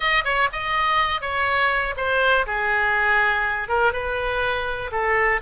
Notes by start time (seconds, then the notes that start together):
0.00 D#5
0.24 C#5
0.52 D#5
1.21 C#5
1.96 C5
2.46 G#4
3.68 A#4
3.92 B4
4.91 A4